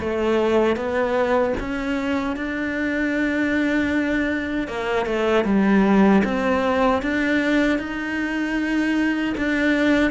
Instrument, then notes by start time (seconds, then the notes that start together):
cello
0.00 A3
0.76 B3
1.60 C#4
2.36 D4
4.68 A#3
5.06 A3
5.45 G3
6.24 C4
7.02 D4
7.79 D#4
9.38 D4